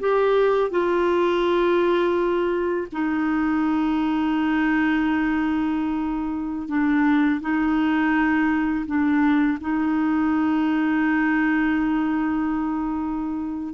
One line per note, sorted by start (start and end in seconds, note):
0.00 0.71 G4
0.71 2.88 F4
2.93 6.69 D#4
6.69 7.41 D4
7.41 8.86 D#4
8.87 9.59 D4
9.61 13.74 D#4